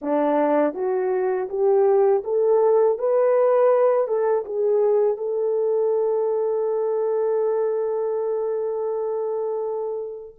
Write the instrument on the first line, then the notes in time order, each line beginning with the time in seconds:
horn
0.01 D4
0.74 F#4
1.48 G4
2.24 A4
2.98 B4
4.07 A4
4.45 G#4
5.17 A4